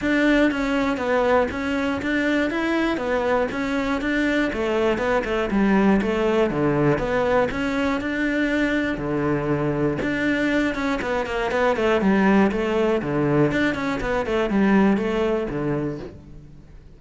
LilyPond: \new Staff \with { instrumentName = "cello" } { \time 4/4 \tempo 4 = 120 d'4 cis'4 b4 cis'4 | d'4 e'4 b4 cis'4 | d'4 a4 b8 a8 g4 | a4 d4 b4 cis'4 |
d'2 d2 | d'4. cis'8 b8 ais8 b8 a8 | g4 a4 d4 d'8 cis'8 | b8 a8 g4 a4 d4 | }